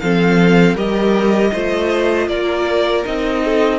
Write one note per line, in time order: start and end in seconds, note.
0.00 0.76 F3
0.00 0.77 C4
0.00 0.75 A4
0.00 0.76 F5
0.75 1.52 G3
0.75 1.53 G4
0.75 1.51 A#4
0.75 2.29 D#5
1.53 2.28 A3
1.53 3.06 F4
1.53 2.29 C5
2.28 3.04 A#3
2.28 3.44 A#4
2.28 3.05 D5
3.06 3.79 C4
3.06 3.79 D#4
3.06 3.79 D#5
3.45 3.79 A4